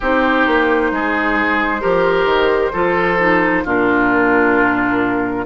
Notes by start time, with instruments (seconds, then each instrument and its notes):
0.00 bassoon C4, clarinet D#4, oboe G4, flute C5
0.46 bassoon A#3
0.91 bassoon G#3, oboe G#4
1.80 bassoon F3, clarinet G4, oboe A#4
2.25 bassoon D#3
2.72 bassoon F3, clarinet F4, oboe A4
3.18 clarinet D#4
3.63 bassoon A#2, clarinet D4, oboe F4, flute A#4